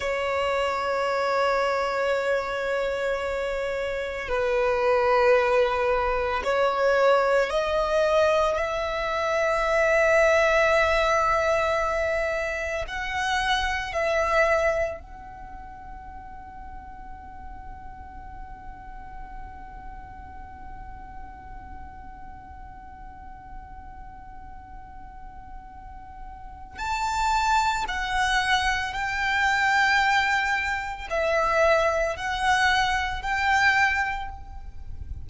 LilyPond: \new Staff \with { instrumentName = "violin" } { \time 4/4 \tempo 4 = 56 cis''1 | b'2 cis''4 dis''4 | e''1 | fis''4 e''4 fis''2~ |
fis''1~ | fis''1~ | fis''4 a''4 fis''4 g''4~ | g''4 e''4 fis''4 g''4 | }